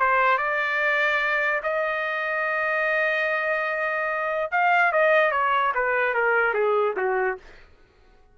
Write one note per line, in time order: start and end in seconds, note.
0.00 0.38 C5
0.38 1.62 D5
1.64 4.51 D#5
4.52 4.93 F5
4.93 5.32 D#5
5.32 5.73 C#5
5.75 6.15 B4
6.15 6.54 A#4
6.54 6.95 G#4
6.97 7.38 F#4